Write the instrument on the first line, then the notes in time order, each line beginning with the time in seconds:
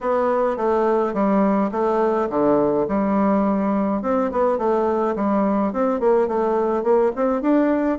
bassoon
0.00 B3
0.56 A3
1.13 G3
1.71 A3
2.29 D3
2.88 G3
4.02 C4
4.31 B3
4.58 A3
5.15 G3
5.72 C4
6.00 A#3
6.27 A3
6.83 A#3
7.15 C4
7.41 D4